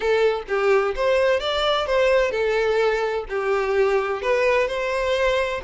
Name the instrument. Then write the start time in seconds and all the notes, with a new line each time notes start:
violin
0.00 A4
0.48 G4
0.95 C5
1.40 D5
1.86 C5
2.31 A4
3.29 G4
4.21 B4
4.67 C5